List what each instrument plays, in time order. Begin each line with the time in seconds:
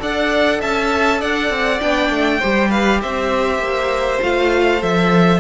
0.00 cello D4, viola A4, violin D5 F#5
0.61 cello C#4, violin E5 A5
1.20 cello D4, violin D5 F#5
1.50 cello C4
1.81 cello B3, viola D4, violin G5
2.10 cello A3
2.40 cello G3, viola G4, violin C5
2.70 violin B4 F5
3.02 cello C4, violin C5 E5
3.59 cello A#3
4.22 cello A3, viola F4, violin F5
4.79 cello F3, viola A4, violin E5